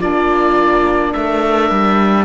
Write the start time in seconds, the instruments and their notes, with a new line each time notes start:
0.00 cello A#3, saxophone D4, viola F4, oboe D5
1.13 cello A3, viola A#4, oboe E5
1.71 cello G3